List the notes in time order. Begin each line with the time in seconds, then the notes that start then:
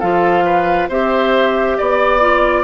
0.00 F3 F4 A4 F5
0.46 B4
0.89 C4 G4 C5 E5
1.78 B3 D5
2.21 F4